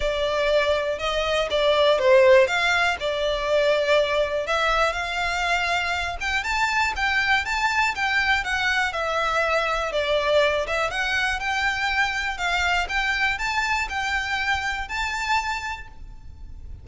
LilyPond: \new Staff \with { instrumentName = "violin" } { \time 4/4 \tempo 4 = 121 d''2 dis''4 d''4 | c''4 f''4 d''2~ | d''4 e''4 f''2~ | f''8 g''8 a''4 g''4 a''4 |
g''4 fis''4 e''2 | d''4. e''8 fis''4 g''4~ | g''4 f''4 g''4 a''4 | g''2 a''2 | }